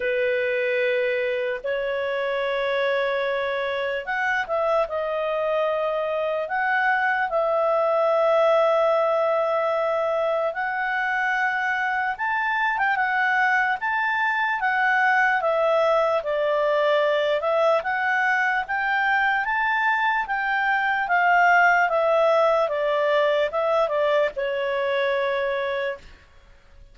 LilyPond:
\new Staff \with { instrumentName = "clarinet" } { \time 4/4 \tempo 4 = 74 b'2 cis''2~ | cis''4 fis''8 e''8 dis''2 | fis''4 e''2.~ | e''4 fis''2 a''8. g''16 |
fis''4 a''4 fis''4 e''4 | d''4. e''8 fis''4 g''4 | a''4 g''4 f''4 e''4 | d''4 e''8 d''8 cis''2 | }